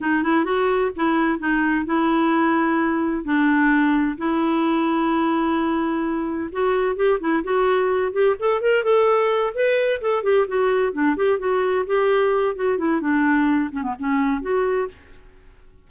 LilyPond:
\new Staff \with { instrumentName = "clarinet" } { \time 4/4 \tempo 4 = 129 dis'8 e'8 fis'4 e'4 dis'4 | e'2. d'4~ | d'4 e'2.~ | e'2 fis'4 g'8 e'8 |
fis'4. g'8 a'8 ais'8 a'4~ | a'8 b'4 a'8 g'8 fis'4 d'8 | g'8 fis'4 g'4. fis'8 e'8 | d'4. cis'16 b16 cis'4 fis'4 | }